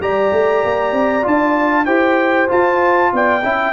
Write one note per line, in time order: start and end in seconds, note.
0.00 0.31 G3
0.00 1.23 G4
0.00 1.85 D5
0.00 1.26 A#5
0.32 0.63 A3
0.64 0.92 A#3
0.92 1.23 C4
1.23 1.86 D4
1.23 1.85 F4
1.23 1.85 A5
1.85 2.49 E4
1.85 2.48 G4
1.85 3.10 C5
1.85 2.48 G5
2.48 3.42 F4
2.48 3.13 F4
2.48 3.13 A5
3.13 3.43 B3
3.13 3.43 D5
3.13 3.73 G5
3.43 3.73 C#4
3.43 3.73 E4
3.43 3.73 E5